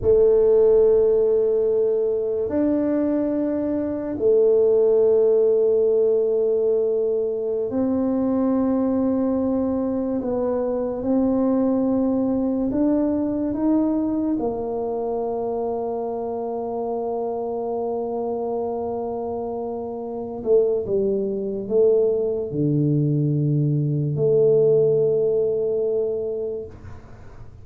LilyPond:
\new Staff \with { instrumentName = "tuba" } { \time 4/4 \tempo 4 = 72 a2. d'4~ | d'4 a2.~ | a4~ a16 c'2~ c'8.~ | c'16 b4 c'2 d'8.~ |
d'16 dis'4 ais2~ ais8.~ | ais1~ | ais8 a8 g4 a4 d4~ | d4 a2. | }